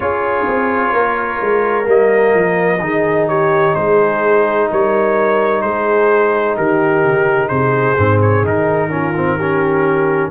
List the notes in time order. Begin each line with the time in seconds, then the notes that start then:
0.00 C#4 F4 G#4 C#5
0.47 C4
0.93 A#3 A#4
1.41 G#3
1.84 G3 A#3 D#5
2.34 F3
2.79 D#3 D#4 G#4
3.28 G4 C#5
3.74 G#3 G#4 C5
4.70 G3 A#4 C#5
5.61 G#3 G#4 C5
6.56 D#3 G4 A#4
7.04 C#3
7.47 C3 G#4 C5
7.97 G#2 C4
8.21 C#5
8.43 D#3 D#4 A#4
8.89 C#4 F4
9.15 C4
9.36 C#4 G4